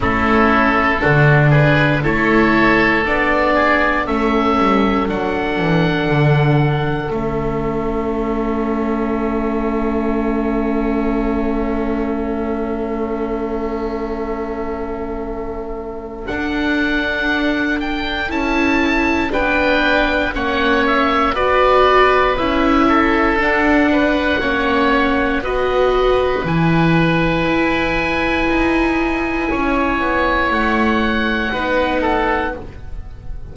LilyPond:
<<
  \new Staff \with { instrumentName = "oboe" } { \time 4/4 \tempo 4 = 59 a'4. b'8 cis''4 d''4 | e''4 fis''2 e''4~ | e''1~ | e''1 |
fis''4. g''8 a''4 g''4 | fis''8 e''8 d''4 e''4 fis''4~ | fis''4 dis''4 gis''2~ | gis''2 fis''2 | }
  \new Staff \with { instrumentName = "oboe" } { \time 4/4 e'4 fis'8 gis'8 a'4. gis'8 | a'1~ | a'1~ | a'1~ |
a'2. b'4 | cis''4 b'4. a'4 b'8 | cis''4 b'2.~ | b'4 cis''2 b'8 a'8 | }
  \new Staff \with { instrumentName = "viola" } { \time 4/4 cis'4 d'4 e'4 d'4 | cis'4 d'2 cis'4~ | cis'1~ | cis'1 |
d'2 e'4 d'4 | cis'4 fis'4 e'4 d'4 | cis'4 fis'4 e'2~ | e'2. dis'4 | }
  \new Staff \with { instrumentName = "double bass" } { \time 4/4 a4 d4 a4 b4 | a8 g8 fis8 e8 d4 a4~ | a1~ | a1 |
d'2 cis'4 b4 | ais4 b4 cis'4 d'4 | ais4 b4 e4 e'4 | dis'4 cis'8 b8 a4 b4 | }
>>